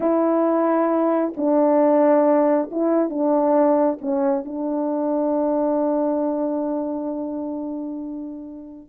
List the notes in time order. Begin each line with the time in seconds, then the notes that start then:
0.00 E4
1.36 D4
2.71 E4
3.09 D4
4.01 C#4
4.44 D4